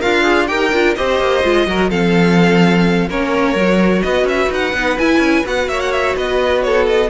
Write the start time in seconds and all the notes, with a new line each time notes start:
0.00 D4 F4 A#4 F5
0.22 G#4
0.47 D#4 G4 A#4 G5
0.72 D4 F4
0.96 C4 G4 C5 D#5
1.20 A#3
1.44 G#3 F4
1.67 F#3 F#4 A#4
1.90 F3 C4 A4 F5
3.08 A#3 C#4 A#4 C#5
3.56 F#3 F#4
4.03 B3 B4 D#5
4.24 C#4 E5
4.50 D#4 F#5
4.73 B3 D#4
4.99 E4 G#5
5.19 C#4
5.45 B3 F#4 F#5
5.68 A#3 C#5 E5
5.81 F#5
5.92 E5
6.17 B3 B4 D#5
6.63 A4 C#5
6.87 D#5